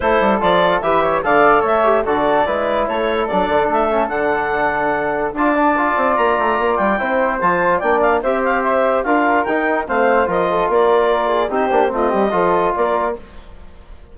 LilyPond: <<
  \new Staff \with { instrumentName = "clarinet" } { \time 4/4 \tempo 4 = 146 c''4 d''4 e''4 f''4 | e''4 d''2 cis''4 | d''4 e''4 fis''2~ | fis''4 a''2 ais''4~ |
ais''8 g''4. a''4 g''8 f''8 | e''8 f''8 e''4 f''4 g''4 | f''4 dis''4 d''2 | c''4 dis''2 d''4 | }
  \new Staff \with { instrumentName = "flute" } { \time 4/4 a'2 b'8 cis''8 d''4 | cis''4 a'4 b'4 a'4~ | a'1~ | a'4 d''2.~ |
d''4 c''2 d''4 | c''2 ais'2 | c''4 ais'8 a'8 ais'4. gis'8 | g'4 f'8 g'8 a'4 ais'4 | }
  \new Staff \with { instrumentName = "trombone" } { \time 4/4 e'4 f'4 g'4 a'4~ | a'8 g'8 fis'4 e'2 | d'4. cis'8 d'2~ | d'4 f'8 d'8 f'2~ |
f'4 e'4 f'4 d'4 | g'2 f'4 dis'4 | c'4 f'2. | dis'8 d'8 c'4 f'2 | }
  \new Staff \with { instrumentName = "bassoon" } { \time 4/4 a8 g8 f4 e4 d4 | a4 d4 gis4 a4 | fis8 d8 a4 d2~ | d4 d'4. c'8 ais8 a8 |
ais8 g8 c'4 f4 ais4 | c'2 d'4 dis'4 | a4 f4 ais2 | c'8 ais8 a8 g8 f4 ais4 | }
>>